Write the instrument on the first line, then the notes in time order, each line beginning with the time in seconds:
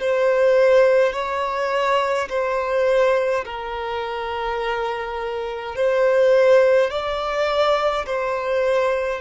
violin
0.00 C5
1.13 C#5
2.29 C5
3.45 A#4
5.76 C5
6.90 D5
8.06 C5